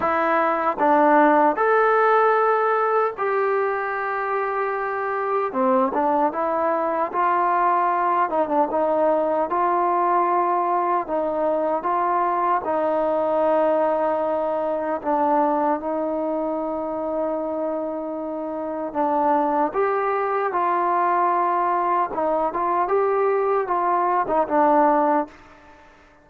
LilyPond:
\new Staff \with { instrumentName = "trombone" } { \time 4/4 \tempo 4 = 76 e'4 d'4 a'2 | g'2. c'8 d'8 | e'4 f'4. dis'16 d'16 dis'4 | f'2 dis'4 f'4 |
dis'2. d'4 | dis'1 | d'4 g'4 f'2 | dis'8 f'8 g'4 f'8. dis'16 d'4 | }